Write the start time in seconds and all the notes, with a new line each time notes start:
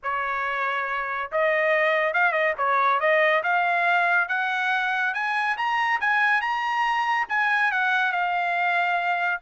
0.02 C#5
1.31 D#5
2.13 F5
2.32 D#5
2.57 C#5
3.00 D#5
3.43 F5
4.28 F#5
5.14 G#5
5.57 A#5
6.00 G#5
6.41 A#5
7.28 G#5
7.71 F#5
8.12 F5